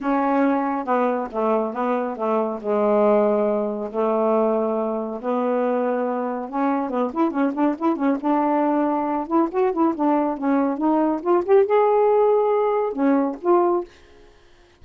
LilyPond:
\new Staff \with { instrumentName = "saxophone" } { \time 4/4 \tempo 4 = 139 cis'2 b4 a4 | b4 a4 gis2~ | gis4 a2. | b2. cis'4 |
b8 e'8 cis'8 d'8 e'8 cis'8 d'4~ | d'4. e'8 fis'8 e'8 d'4 | cis'4 dis'4 f'8 g'8 gis'4~ | gis'2 cis'4 f'4 | }